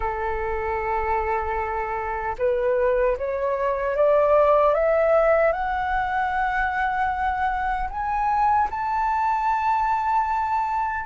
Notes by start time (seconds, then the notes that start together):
0.00 A4
2.38 B4
3.17 C#5
3.95 D5
4.74 E5
5.52 F#5
7.89 G#5
8.70 A5